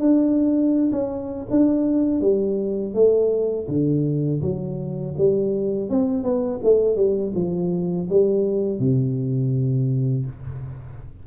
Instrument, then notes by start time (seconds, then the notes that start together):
tuba
0.00 D4
0.92 C#4
1.51 D4
2.22 G3
2.94 A3
3.69 D3
4.42 F#3
5.18 G3
5.90 C4
6.24 B3
6.64 A3
6.96 G3
7.35 F3
8.10 G3
8.80 C3